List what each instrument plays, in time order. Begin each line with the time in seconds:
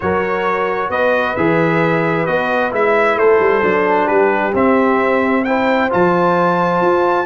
0.00 tuba F#3, trombone F#4, horn A#4, trumpet C#5
0.89 tuba B3, horn B4, trumpet D#5
1.36 tuba E3, trombone G#4, trumpet E5
2.26 tuba B3, trombone F#4, trumpet D#5
2.71 tuba G#3, trombone E4, trumpet E5
3.16 tuba A3, horn A4, trumpet C5
3.39 tuba G3
3.62 tuba F#3, trombone D4
4.05 tuba G3, horn G4, trumpet B4
4.54 tuba C4, trombone C4, trumpet E5
5.44 trombone E4, horn C5, trumpet G5
5.90 tuba F3, trombone F4, trumpet A5
6.81 tuba F4